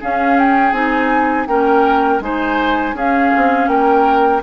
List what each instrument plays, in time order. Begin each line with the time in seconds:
0.00 clarinet C#4, bassoon C#4, oboe G#4, flute F5
0.38 flute G5
0.72 bassoon C4, clarinet D#4, flute G#5
1.47 bassoon A#3, clarinet C#4, oboe A#4, flute G5
2.19 bassoon G#3, clarinet D#4, oboe C5, flute G#5
2.93 bassoon C#4, clarinet C#4, oboe G#4, flute F5
3.36 bassoon C4
3.67 bassoon A#3, oboe A#4, flute G5